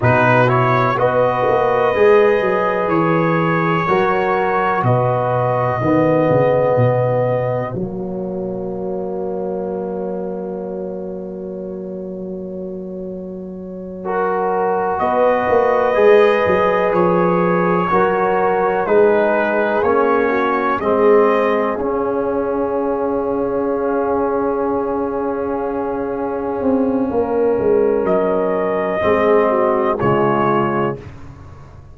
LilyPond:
<<
  \new Staff \with { instrumentName = "trumpet" } { \time 4/4 \tempo 4 = 62 b'8 cis''8 dis''2 cis''4~ | cis''4 dis''2. | cis''1~ | cis''2.~ cis''8 dis''8~ |
dis''4. cis''2 b'8~ | b'8 cis''4 dis''4 f''4.~ | f''1~ | f''4 dis''2 cis''4 | }
  \new Staff \with { instrumentName = "horn" } { \time 4/4 fis'4 b'2. | ais'4 b'4 fis'2~ | fis'1~ | fis'2~ fis'8 ais'4 b'8~ |
b'2~ b'8 ais'4 gis'8~ | gis'4 fis'8 gis'2~ gis'8~ | gis'1 | ais'2 gis'8 fis'8 f'4 | }
  \new Staff \with { instrumentName = "trombone" } { \time 4/4 dis'8 e'8 fis'4 gis'2 | fis'2 b2 | ais1~ | ais2~ ais8 fis'4.~ |
fis'8 gis'2 fis'4 dis'8~ | dis'8 cis'4 c'4 cis'4.~ | cis'1~ | cis'2 c'4 gis4 | }
  \new Staff \with { instrumentName = "tuba" } { \time 4/4 b,4 b8 ais8 gis8 fis8 e4 | fis4 b,4 dis8 cis8 b,4 | fis1~ | fis2.~ fis8 b8 |
ais8 gis8 fis8 f4 fis4 gis8~ | gis8 ais4 gis4 cis'4.~ | cis'2.~ cis'8 c'8 | ais8 gis8 fis4 gis4 cis4 | }
>>